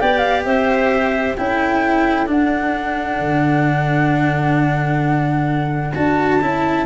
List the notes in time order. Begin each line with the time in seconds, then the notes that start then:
0.00 B3 G4 D5 G5
0.18 F5
0.45 C4 C5 E5
1.36 C#4 E4 A4 G5
2.26 D4 F#5
3.19 D3
5.94 D4 F#4 A5
6.41 C#4 E4